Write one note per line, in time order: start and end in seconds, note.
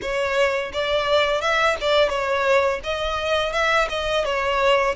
0.01 0.72 C#5
0.72 1.41 D5
1.41 1.76 E5
1.80 2.09 D5
2.09 2.79 C#5
2.83 3.52 D#5
3.52 3.88 E5
3.89 4.24 D#5
4.24 4.95 C#5